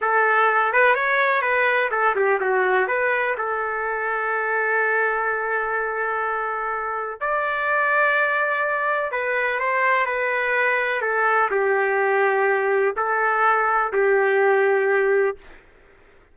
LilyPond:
\new Staff \with { instrumentName = "trumpet" } { \time 4/4 \tempo 4 = 125 a'4. b'8 cis''4 b'4 | a'8 g'8 fis'4 b'4 a'4~ | a'1~ | a'2. d''4~ |
d''2. b'4 | c''4 b'2 a'4 | g'2. a'4~ | a'4 g'2. | }